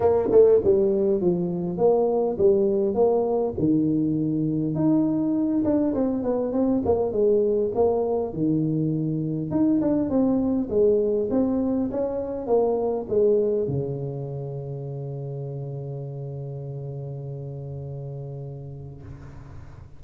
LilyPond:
\new Staff \with { instrumentName = "tuba" } { \time 4/4 \tempo 4 = 101 ais8 a8 g4 f4 ais4 | g4 ais4 dis2 | dis'4. d'8 c'8 b8 c'8 ais8 | gis4 ais4 dis2 |
dis'8 d'8 c'4 gis4 c'4 | cis'4 ais4 gis4 cis4~ | cis1~ | cis1 | }